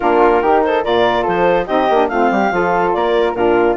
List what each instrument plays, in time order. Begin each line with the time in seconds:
0.00 bassoon A#3, saxophone D4, flute F4, clarinet A#4
0.42 bassoon D#3, saxophone D#4, flute G4
0.63 flute A4, clarinet C5
0.82 bassoon A#2, saxophone F4, flute A#4, clarinet D5
1.22 bassoon F3, flute A4, clarinet C5
1.66 bassoon C4, saxophone D#4, flute G4, clarinet D#5
1.89 bassoon A#3, saxophone D4
2.07 bassoon A3, saxophone C4, flute F4, clarinet F5
2.30 bassoon G3, flute G4
2.51 bassoon F3, saxophone F4, flute A4
2.92 bassoon A#3, flute A#4, clarinet D5
3.33 bassoon A#2, saxophone D4, flute F4, clarinet A#4